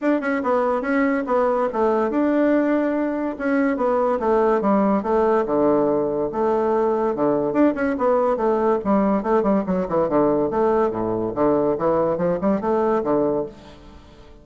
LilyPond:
\new Staff \with { instrumentName = "bassoon" } { \time 4/4 \tempo 4 = 143 d'8 cis'8 b4 cis'4 b4 | a4 d'2. | cis'4 b4 a4 g4 | a4 d2 a4~ |
a4 d4 d'8 cis'8 b4 | a4 g4 a8 g8 fis8 e8 | d4 a4 a,4 d4 | e4 f8 g8 a4 d4 | }